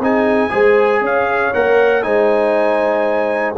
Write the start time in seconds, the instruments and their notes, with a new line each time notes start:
0.00 tuba C4, trombone D#4, horn G#4, trumpet G#5
0.50 tuba G#3, trombone G#4, horn C5
1.02 tuba C#4, horn C#5, trumpet F5
1.54 tuba A#3, trombone A#4, trumpet F#5
2.03 tuba G#3, trombone D#4, horn C5, trumpet G#5